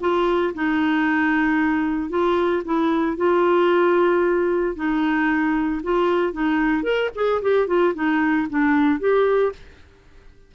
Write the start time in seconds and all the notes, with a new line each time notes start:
0.00 F4
0.54 D#4
2.09 F4
2.64 E4
3.16 F4
4.75 D#4
5.83 F4
6.32 D#4
6.83 A#4
7.15 G#4
7.42 G4
7.67 F4
7.94 D#4
8.49 D4
8.99 G4